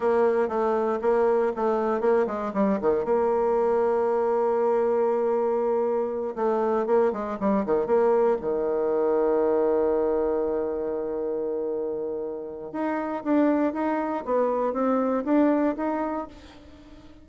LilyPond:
\new Staff \with { instrumentName = "bassoon" } { \time 4/4 \tempo 4 = 118 ais4 a4 ais4 a4 | ais8 gis8 g8 dis8 ais2~ | ais1~ | ais8 a4 ais8 gis8 g8 dis8 ais8~ |
ais8 dis2.~ dis8~ | dis1~ | dis4 dis'4 d'4 dis'4 | b4 c'4 d'4 dis'4 | }